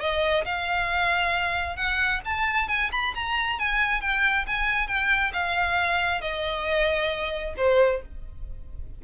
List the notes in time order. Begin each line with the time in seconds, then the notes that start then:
0.00 D#5
0.44 F5
1.76 F#5
2.24 A5
2.68 G#5
2.91 B5
3.14 A#5
3.58 G#5
4.00 G5
4.47 G#5
4.87 G5
5.33 F5
6.21 D#5
7.57 C5